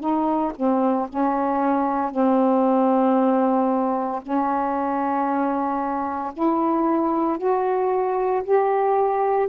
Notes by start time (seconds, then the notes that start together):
0.00 D#4
0.56 C4
1.10 C#4
2.11 C4
4.22 C#4
6.33 E4
7.38 F#4
8.44 G4